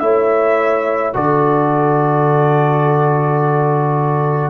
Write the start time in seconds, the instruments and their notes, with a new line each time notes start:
0.00 tuba A3, trombone E4, horn C#5, trumpet E5
1.14 tuba D3, trombone F#4, horn A4, trumpet D5